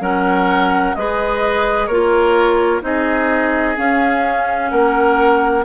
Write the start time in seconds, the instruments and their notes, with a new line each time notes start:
0.00 bassoon F#3, clarinet C#4, oboe A#4, flute F#5
0.95 bassoon G#3, clarinet G#4, oboe B4, flute D#5
1.86 bassoon A#3, clarinet F4, oboe A#4, flute C#5
2.82 bassoon C4, clarinet D#4, oboe G#4, flute D#5
3.76 clarinet C#4, bassoon C#4, flute F5
4.70 bassoon A#3, oboe A#4, flute F#5